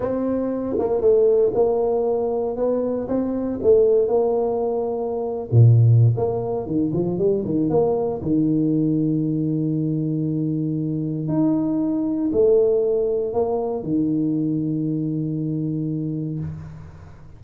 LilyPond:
\new Staff \with { instrumentName = "tuba" } { \time 4/4 \tempo 4 = 117 c'4. ais8 a4 ais4~ | ais4 b4 c'4 a4 | ais2~ ais8. ais,4~ ais,16 | ais4 dis8 f8 g8 dis8 ais4 |
dis1~ | dis2 dis'2 | a2 ais4 dis4~ | dis1 | }